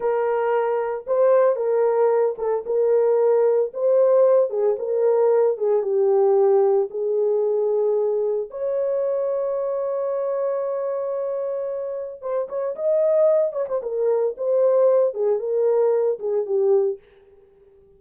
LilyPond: \new Staff \with { instrumentName = "horn" } { \time 4/4 \tempo 4 = 113 ais'2 c''4 ais'4~ | ais'8 a'8 ais'2 c''4~ | c''8 gis'8 ais'4. gis'8 g'4~ | g'4 gis'2. |
cis''1~ | cis''2. c''8 cis''8 | dis''4. cis''16 c''16 ais'4 c''4~ | c''8 gis'8 ais'4. gis'8 g'4 | }